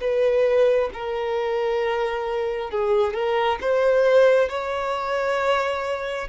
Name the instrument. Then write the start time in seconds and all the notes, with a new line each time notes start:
violin
0.00 B4
0.93 A#4
2.70 G#4
3.13 A#4
3.61 C5
4.49 C#5